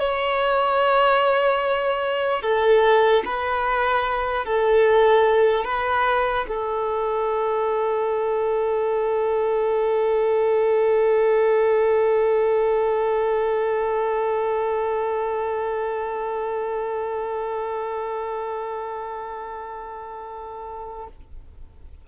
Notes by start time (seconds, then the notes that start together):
0.00 C#5
2.43 A4
3.25 B4
4.46 A4
5.65 B4
6.48 A4